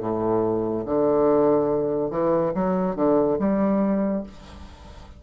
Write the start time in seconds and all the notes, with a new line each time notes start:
0.00 A2
0.85 D3
2.10 E3
2.54 F#3
2.96 D3
3.38 G3